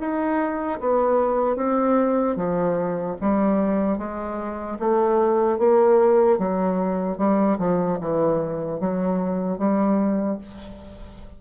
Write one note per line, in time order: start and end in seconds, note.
0.00 0.80 D#4
0.80 1.57 B3
1.57 2.37 C4
2.37 3.17 F3
3.21 3.99 G3
3.99 4.79 G#3
4.80 5.59 A3
5.59 6.39 A#3
6.39 7.18 F#3
7.18 7.58 G3
7.59 7.99 F3
8.01 8.81 E3
8.81 9.59 F#3
9.59 10.39 G3